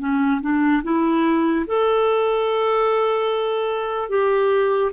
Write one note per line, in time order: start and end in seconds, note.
0.00 0.41 C#4
0.41 0.83 D4
0.84 1.66 E4
1.67 4.09 A4
4.09 4.92 G4